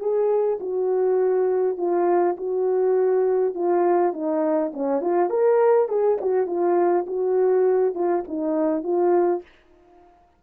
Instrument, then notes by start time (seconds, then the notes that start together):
horn
0.00 G#4
0.60 F#4
1.78 F4
2.37 F#4
3.55 F4
4.13 D#4
4.74 C#4
5.01 F4
5.30 A#4
5.89 G#4
6.21 F#4
6.47 F4
7.07 F#4
7.95 F4
8.28 D#4
8.83 F4